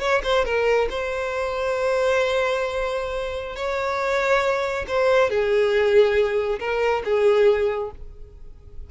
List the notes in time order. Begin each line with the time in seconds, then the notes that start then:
0.00 C#5
0.24 C5
0.45 A#4
0.90 C5
3.56 C#5
4.88 C5
5.30 G#4
6.60 A#4
7.05 G#4